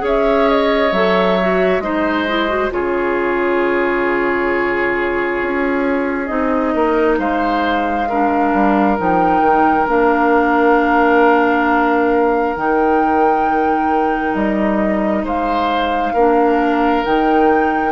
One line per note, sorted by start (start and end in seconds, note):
0.00 0.92 C#4
0.00 0.90 G#4
0.00 1.84 C#5
0.07 0.50 E5
0.50 0.93 D#5
0.92 1.80 F#3
0.92 1.39 A4
0.92 1.81 E5
1.41 1.82 F#4
1.80 2.69 G#3
1.80 2.27 D#4
1.80 2.74 C5
1.80 2.71 D#5
2.28 2.49 E4
2.49 2.71 F#4
2.71 5.40 C#3
2.71 6.28 F4
2.71 6.75 G#4
2.71 6.26 C#5
5.42 6.30 C#4
6.26 6.75 C4
6.26 8.07 D#4
6.26 7.16 D#5
6.75 7.19 A#3
6.75 7.19 A#4
7.19 8.53 G#3
7.19 8.09 C5
7.19 8.99 F5
8.09 8.98 D4
8.09 15.24 A#4
8.54 8.98 G3
8.98 9.41 F3
8.98 9.87 D#4
8.98 9.89 G5
9.41 9.86 D#3
9.87 12.56 A#3
9.87 12.56 D4
9.87 12.56 F5
12.56 14.35 D#3
12.56 16.15 D#4
12.56 14.35 G5
14.35 15.23 G3
14.35 15.25 D#5
15.23 16.13 G#3
15.23 16.13 C5
15.23 17.05 F5
16.13 17.04 A#3
16.13 17.05 D4
16.13 17.93 A#4
17.05 17.93 D#3
17.05 17.93 D#4
17.05 17.93 G5